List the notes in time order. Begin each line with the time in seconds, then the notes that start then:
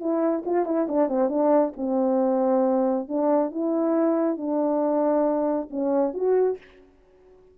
0.00 E4
0.46 F4
0.66 E4
0.88 D4
1.09 C4
1.29 D4
1.77 C4
3.09 D4
3.52 E4
4.37 D4
5.71 C#4
6.14 F#4